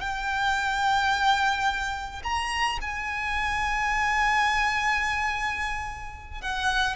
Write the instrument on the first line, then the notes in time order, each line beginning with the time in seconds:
violin
0.00 G5
2.23 A#5
2.81 G#5
6.41 F#5